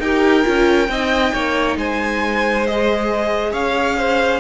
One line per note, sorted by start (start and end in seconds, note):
0.00 0.44 D#4
0.00 0.44 G4
0.00 0.91 A#4
0.00 1.77 G5
0.44 0.89 C#4
0.44 0.88 F4
0.89 1.33 C4
0.89 2.68 D#4
0.89 1.34 D#5
1.34 1.77 A#3
1.34 1.78 C#5
1.77 3.53 G#3
1.77 3.52 C5
1.77 2.67 G#5
2.67 4.41 G#4
2.67 3.53 D#5
3.52 4.41 C#4
3.52 3.96 C#5
3.52 4.41 F5
3.98 4.41 C5